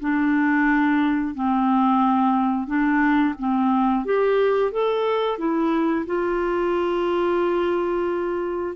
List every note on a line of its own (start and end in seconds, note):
0.00 1.35 D4
1.35 2.67 C4
2.67 3.34 D4
3.38 4.05 C4
4.05 4.72 G4
4.72 5.38 A4
5.38 6.05 E4
6.06 8.75 F4